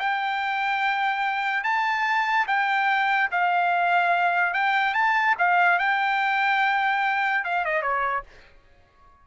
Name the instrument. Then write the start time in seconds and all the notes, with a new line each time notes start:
trumpet
0.00 G5
1.64 A5
2.48 G5
3.32 F5
4.54 G5
4.94 A5
5.39 F5
5.79 G5
7.45 F5
7.66 D#5
7.82 C#5